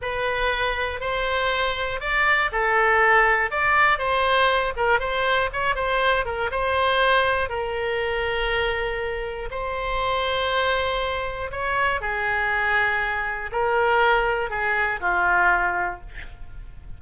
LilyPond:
\new Staff \with { instrumentName = "oboe" } { \time 4/4 \tempo 4 = 120 b'2 c''2 | d''4 a'2 d''4 | c''4. ais'8 c''4 cis''8 c''8~ | c''8 ais'8 c''2 ais'4~ |
ais'2. c''4~ | c''2. cis''4 | gis'2. ais'4~ | ais'4 gis'4 f'2 | }